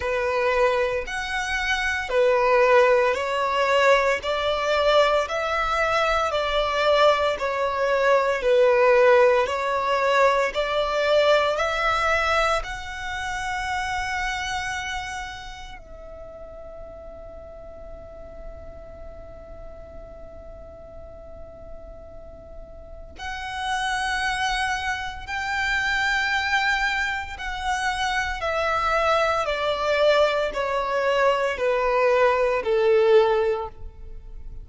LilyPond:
\new Staff \with { instrumentName = "violin" } { \time 4/4 \tempo 4 = 57 b'4 fis''4 b'4 cis''4 | d''4 e''4 d''4 cis''4 | b'4 cis''4 d''4 e''4 | fis''2. e''4~ |
e''1~ | e''2 fis''2 | g''2 fis''4 e''4 | d''4 cis''4 b'4 a'4 | }